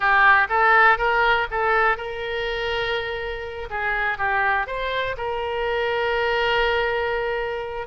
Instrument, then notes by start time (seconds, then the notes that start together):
oboe
0.00 G4
0.49 A4
0.98 A#4
1.50 A4
1.97 A#4
3.70 G#4
4.18 G4
4.67 C5
5.17 A#4